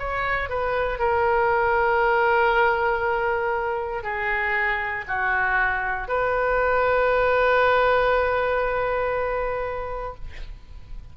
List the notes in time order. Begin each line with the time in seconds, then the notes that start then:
0.00 C#5
0.49 B4
0.99 A#4
4.04 G#4
5.08 F#4
6.08 B4